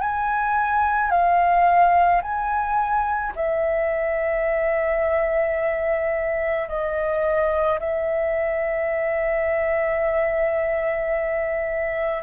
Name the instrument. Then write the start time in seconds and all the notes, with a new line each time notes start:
flute
0.00 G#5
1.10 F5
2.22 G#5
3.35 E5
6.68 D#5
7.79 E5